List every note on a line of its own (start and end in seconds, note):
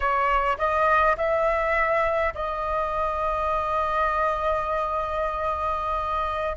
0.00 0.57 C#5
0.57 1.16 D#5
1.17 2.33 E5
2.34 6.56 D#5